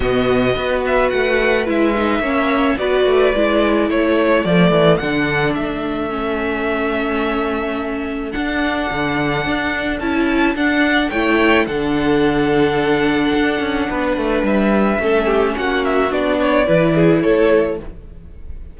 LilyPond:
<<
  \new Staff \with { instrumentName = "violin" } { \time 4/4 \tempo 4 = 108 dis''4. e''8 fis''4 e''4~ | e''4 d''2 cis''4 | d''4 fis''4 e''2~ | e''2. fis''4~ |
fis''2 a''4 fis''4 | g''4 fis''2.~ | fis''2 e''2 | fis''8 e''8 d''2 cis''4 | }
  \new Staff \with { instrumentName = "violin" } { \time 4/4 fis'4 b'2. | cis''4 b'2 a'4~ | a'1~ | a'1~ |
a'1 | cis''4 a'2.~ | a'4 b'2 a'8 g'8 | fis'4. cis''8 b'8 gis'8 a'4 | }
  \new Staff \with { instrumentName = "viola" } { \time 4/4 b4 fis'2 e'8 dis'8 | cis'4 fis'4 e'2 | a4 d'2 cis'4~ | cis'2. d'4~ |
d'2 e'4 d'4 | e'4 d'2.~ | d'2. cis'4~ | cis'4 d'4 e'2 | }
  \new Staff \with { instrumentName = "cello" } { \time 4/4 b,4 b4 a4 gis4 | ais4 b8 a8 gis4 a4 | f8 e8 d4 a2~ | a2. d'4 |
d4 d'4 cis'4 d'4 | a4 d2. | d'8 cis'8 b8 a8 g4 a4 | ais4 b4 e4 a4 | }
>>